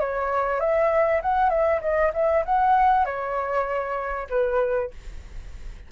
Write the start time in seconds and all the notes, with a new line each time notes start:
0.00 C#5
0.60 E5
1.22 F#5
1.50 E5
1.81 D#5
2.14 E5
2.45 F#5
3.05 C#5
4.30 B4